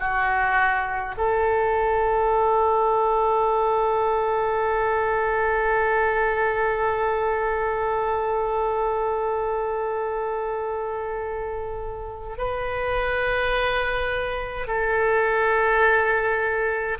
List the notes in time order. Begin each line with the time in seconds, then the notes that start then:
0.00 F#4
1.17 A4
12.38 B4
14.67 A4